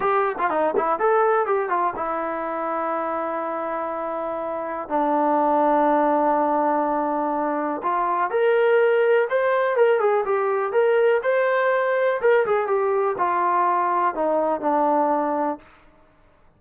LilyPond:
\new Staff \with { instrumentName = "trombone" } { \time 4/4 \tempo 4 = 123 g'8. f'16 dis'8 e'8 a'4 g'8 f'8 | e'1~ | e'2 d'2~ | d'1 |
f'4 ais'2 c''4 | ais'8 gis'8 g'4 ais'4 c''4~ | c''4 ais'8 gis'8 g'4 f'4~ | f'4 dis'4 d'2 | }